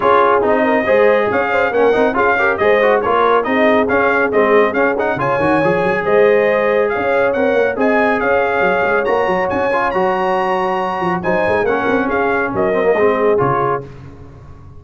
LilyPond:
<<
  \new Staff \with { instrumentName = "trumpet" } { \time 4/4 \tempo 4 = 139 cis''4 dis''2 f''4 | fis''4 f''4 dis''4 cis''4 | dis''4 f''4 dis''4 f''8 fis''8 | gis''2 dis''2 |
f''4 fis''4 gis''4 f''4~ | f''4 ais''4 gis''4 ais''4~ | ais''2 gis''4 fis''4 | f''4 dis''2 cis''4 | }
  \new Staff \with { instrumentName = "horn" } { \time 4/4 gis'4. ais'8 c''4 cis''8 c''8 | ais'4 gis'8 ais'8 c''4 ais'4 | gis'1 | cis''2 c''2 |
cis''2 dis''4 cis''4~ | cis''1~ | cis''2 c''4 ais'4 | gis'4 ais'4 gis'2 | }
  \new Staff \with { instrumentName = "trombone" } { \time 4/4 f'4 dis'4 gis'2 | cis'8 dis'8 f'8 g'8 gis'8 fis'8 f'4 | dis'4 cis'4 c'4 cis'8 dis'8 | f'8 fis'8 gis'2.~ |
gis'4 ais'4 gis'2~ | gis'4 fis'4. f'8 fis'4~ | fis'2 dis'4 cis'4~ | cis'4. c'16 ais16 c'4 f'4 | }
  \new Staff \with { instrumentName = "tuba" } { \time 4/4 cis'4 c'4 gis4 cis'4 | ais8 c'8 cis'4 gis4 ais4 | c'4 cis'4 gis4 cis'4 | cis8 dis8 f8 fis8 gis2 |
cis'4 c'8 ais8 c'4 cis'4 | fis8 gis8 ais8 fis8 cis'4 fis4~ | fis4. f8 fis8 gis8 ais8 c'8 | cis'4 fis4 gis4 cis4 | }
>>